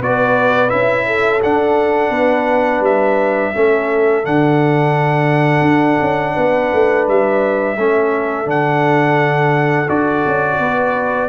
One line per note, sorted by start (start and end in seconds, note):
0.00 0.71 B3
0.00 0.69 F#4
0.00 1.06 B4
0.00 0.70 D5
0.69 1.42 C#4
0.69 1.39 E4
0.69 1.40 E5
1.06 2.11 A4
1.43 2.10 D4
1.43 3.54 D4
1.43 2.84 F#5
2.10 2.80 B3
2.10 3.52 B4
2.80 3.50 G3
2.80 4.25 E5
3.54 4.25 A3
3.54 4.24 C#4
3.54 6.34 A4
4.24 5.61 D3
4.24 7.77 D4
4.24 7.08 F#5
5.61 5.97 D4
6.01 6.36 C#4
6.34 6.72 B3
6.34 7.75 B4
6.73 7.08 A3
7.08 7.77 G3
7.08 8.49 E5
7.77 8.46 A3
7.77 8.45 C#4
7.77 10.59 A4
8.45 9.87 D3
8.45 9.86 D4
8.45 9.89 F#5
9.88 10.24 D4
9.88 11.29 F#4
9.88 11.29 D5
10.26 10.59 C#4
10.59 11.29 B3
10.59 11.29 B4